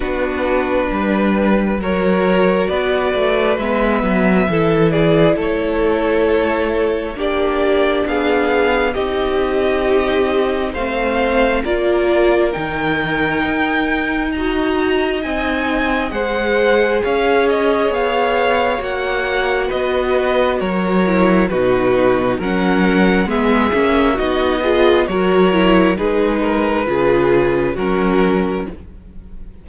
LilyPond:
<<
  \new Staff \with { instrumentName = "violin" } { \time 4/4 \tempo 4 = 67 b'2 cis''4 d''4 | e''4. d''8 cis''2 | d''4 f''4 dis''2 | f''4 d''4 g''2 |
ais''4 gis''4 fis''4 f''8 dis''8 | f''4 fis''4 dis''4 cis''4 | b'4 fis''4 e''4 dis''4 | cis''4 b'2 ais'4 | }
  \new Staff \with { instrumentName = "violin" } { \time 4/4 fis'4 b'4 ais'4 b'4~ | b'4 a'8 gis'8 a'2 | g'4 gis'4 g'2 | c''4 ais'2. |
dis''2 c''4 cis''4~ | cis''2 b'4 ais'4 | fis'4 ais'4 gis'4 fis'8 gis'8 | ais'4 gis'8 ais'8 gis'4 fis'4 | }
  \new Staff \with { instrumentName = "viola" } { \time 4/4 d'2 fis'2 | b4 e'2. | d'2 dis'2 | c'4 f'4 dis'2 |
fis'4 dis'4 gis'2~ | gis'4 fis'2~ fis'8 e'8 | dis'4 cis'4 b8 cis'8 dis'8 f'8 | fis'8 e'8 dis'4 f'4 cis'4 | }
  \new Staff \with { instrumentName = "cello" } { \time 4/4 b4 g4 fis4 b8 a8 | gis8 fis8 e4 a2 | ais4 b4 c'2 | a4 ais4 dis4 dis'4~ |
dis'4 c'4 gis4 cis'4 | b4 ais4 b4 fis4 | b,4 fis4 gis8 ais8 b4 | fis4 gis4 cis4 fis4 | }
>>